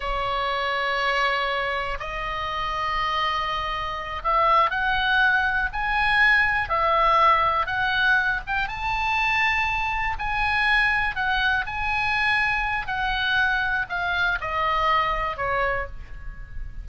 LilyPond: \new Staff \with { instrumentName = "oboe" } { \time 4/4 \tempo 4 = 121 cis''1 | dis''1~ | dis''8 e''4 fis''2 gis''8~ | gis''4. e''2 fis''8~ |
fis''4 g''8 a''2~ a''8~ | a''8 gis''2 fis''4 gis''8~ | gis''2 fis''2 | f''4 dis''2 cis''4 | }